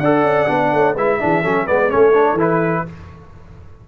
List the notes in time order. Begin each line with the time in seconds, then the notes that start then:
0.00 D4 A4 D5 F#5
0.23 C#4
0.47 B3 D4
0.73 A3 C#5
0.94 G#3 E4 B4 E5
1.20 E3 D4 G#4
1.42 F#3 C#4 A4
1.65 G#3 B3 B4 D5
1.89 A3 C#4 A4 C#5
2.14 D4
2.33 E3 E4
2.41 B4